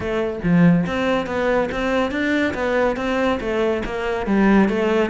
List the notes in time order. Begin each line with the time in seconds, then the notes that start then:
0.00 A3
0.43 F3
0.86 C4
1.26 B3
1.71 C4
2.11 D4
2.53 B3
2.96 C4
3.40 A3
3.85 A#3
4.26 G3
4.68 A3